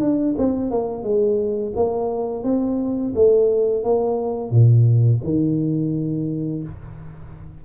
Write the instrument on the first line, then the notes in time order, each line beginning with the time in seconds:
tuba
0.00 D4
0.38 C4
0.71 A#3
1.03 G#3
1.75 A#3
2.44 C4
3.15 A3
3.83 A#3
4.51 A#2
5.24 D#3